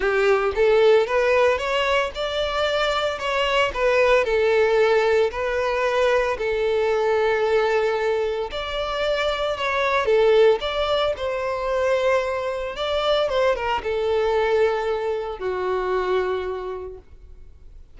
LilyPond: \new Staff \with { instrumentName = "violin" } { \time 4/4 \tempo 4 = 113 g'4 a'4 b'4 cis''4 | d''2 cis''4 b'4 | a'2 b'2 | a'1 |
d''2 cis''4 a'4 | d''4 c''2. | d''4 c''8 ais'8 a'2~ | a'4 fis'2. | }